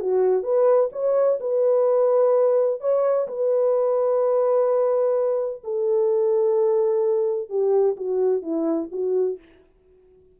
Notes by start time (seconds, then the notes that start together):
0.00 F#4
0.43 B4
0.92 C#5
1.40 B4
2.81 C#5
3.28 B4
5.64 A4
7.49 G4
7.97 F#4
8.42 E4
8.92 F#4